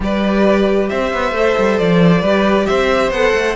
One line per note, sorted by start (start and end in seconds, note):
0.00 0.90 G3
0.00 1.35 G4
0.00 0.89 B4
0.00 0.88 D5
0.88 1.13 C4
0.88 2.21 C5
0.88 1.78 E5
1.13 1.32 B3
1.32 1.54 A3
1.32 2.24 A4
1.58 1.80 G3
1.78 2.22 F3
1.78 2.66 D5
2.21 2.67 G3
2.21 3.13 G4
2.21 2.66 B4
2.66 3.10 C4
2.66 3.56 C5
2.66 3.11 E5
3.10 3.33 B3
3.10 3.56 A4
3.10 3.56 F#5
3.33 3.56 A3